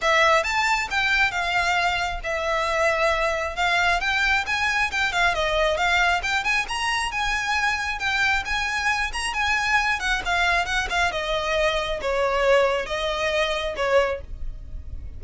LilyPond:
\new Staff \with { instrumentName = "violin" } { \time 4/4 \tempo 4 = 135 e''4 a''4 g''4 f''4~ | f''4 e''2. | f''4 g''4 gis''4 g''8 f''8 | dis''4 f''4 g''8 gis''8 ais''4 |
gis''2 g''4 gis''4~ | gis''8 ais''8 gis''4. fis''8 f''4 | fis''8 f''8 dis''2 cis''4~ | cis''4 dis''2 cis''4 | }